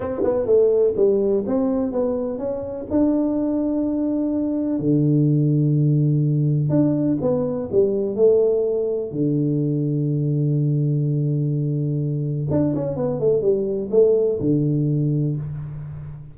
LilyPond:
\new Staff \with { instrumentName = "tuba" } { \time 4/4 \tempo 4 = 125 c'8 b8 a4 g4 c'4 | b4 cis'4 d'2~ | d'2 d2~ | d2 d'4 b4 |
g4 a2 d4~ | d1~ | d2 d'8 cis'8 b8 a8 | g4 a4 d2 | }